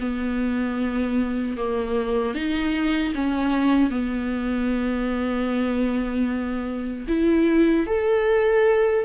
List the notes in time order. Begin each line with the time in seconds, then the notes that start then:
0.00 B3
1.58 A#3
2.35 D#4
3.15 C#4
3.90 B3
7.08 E4
7.87 A4